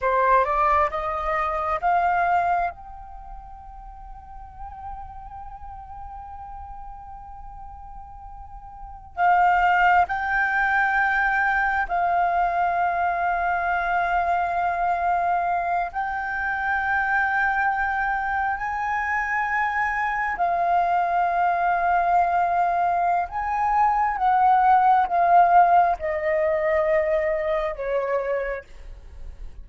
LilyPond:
\new Staff \with { instrumentName = "flute" } { \time 4/4 \tempo 4 = 67 c''8 d''8 dis''4 f''4 g''4~ | g''1~ | g''2~ g''16 f''4 g''8.~ | g''4~ g''16 f''2~ f''8.~ |
f''4.~ f''16 g''2~ g''16~ | g''8. gis''2 f''4~ f''16~ | f''2 gis''4 fis''4 | f''4 dis''2 cis''4 | }